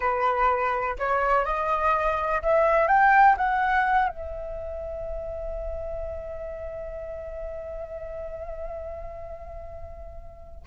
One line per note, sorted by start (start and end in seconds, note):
0.00 0.96 B4
0.99 1.45 C#5
1.45 2.42 D#5
2.42 2.87 E5
2.87 3.36 G5
3.37 4.08 F#5
4.08 10.61 E5